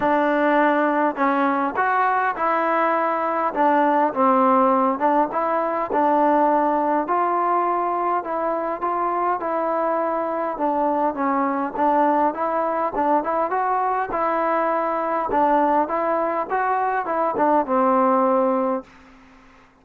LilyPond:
\new Staff \with { instrumentName = "trombone" } { \time 4/4 \tempo 4 = 102 d'2 cis'4 fis'4 | e'2 d'4 c'4~ | c'8 d'8 e'4 d'2 | f'2 e'4 f'4 |
e'2 d'4 cis'4 | d'4 e'4 d'8 e'8 fis'4 | e'2 d'4 e'4 | fis'4 e'8 d'8 c'2 | }